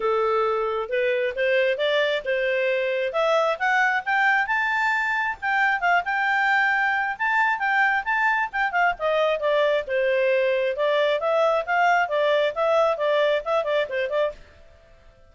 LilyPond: \new Staff \with { instrumentName = "clarinet" } { \time 4/4 \tempo 4 = 134 a'2 b'4 c''4 | d''4 c''2 e''4 | fis''4 g''4 a''2 | g''4 f''8 g''2~ g''8 |
a''4 g''4 a''4 g''8 f''8 | dis''4 d''4 c''2 | d''4 e''4 f''4 d''4 | e''4 d''4 e''8 d''8 c''8 d''8 | }